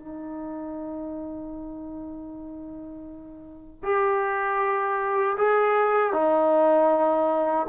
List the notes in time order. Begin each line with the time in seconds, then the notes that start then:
0.00 D#4
3.83 G4
5.38 G#4
6.13 D#4